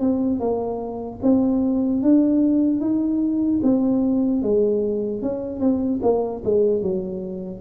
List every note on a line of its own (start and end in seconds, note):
0.00 0.40 C4
0.40 1.20 A#3
1.23 2.03 C4
2.03 2.80 D4
2.80 3.60 D#4
3.63 4.43 C4
4.43 5.22 G#3
5.22 5.60 C#4
5.60 6.00 C4
6.03 6.43 A#3
6.45 6.82 G#3
6.82 7.61 F#3